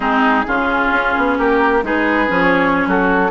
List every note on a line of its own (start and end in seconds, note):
0.00 0.45 G#3
0.00 0.45 C4
0.00 0.45 D#4
0.00 1.37 G#4
0.47 0.91 C#3
0.47 1.83 C#4
0.47 1.37 F4
0.91 1.13 C#4
1.17 1.38 B3
1.37 1.82 A#3
1.37 1.83 G4
1.37 1.84 A#4
1.82 2.28 G#3
1.82 2.27 D#4
1.82 2.88 G#4
1.82 2.41 B4
2.27 2.86 F3
2.27 3.30 C#4
2.41 2.87 C#5
2.86 3.31 F#3
2.86 3.31 F#4
2.86 3.31 A4